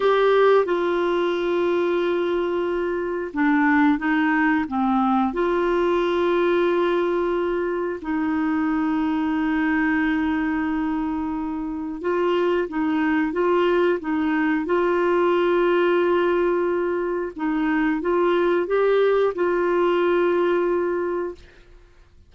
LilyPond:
\new Staff \with { instrumentName = "clarinet" } { \time 4/4 \tempo 4 = 90 g'4 f'2.~ | f'4 d'4 dis'4 c'4 | f'1 | dis'1~ |
dis'2 f'4 dis'4 | f'4 dis'4 f'2~ | f'2 dis'4 f'4 | g'4 f'2. | }